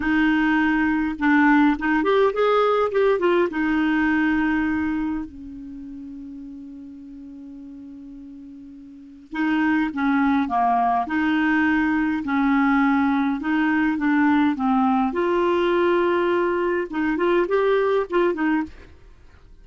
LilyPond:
\new Staff \with { instrumentName = "clarinet" } { \time 4/4 \tempo 4 = 103 dis'2 d'4 dis'8 g'8 | gis'4 g'8 f'8 dis'2~ | dis'4 cis'2.~ | cis'1 |
dis'4 cis'4 ais4 dis'4~ | dis'4 cis'2 dis'4 | d'4 c'4 f'2~ | f'4 dis'8 f'8 g'4 f'8 dis'8 | }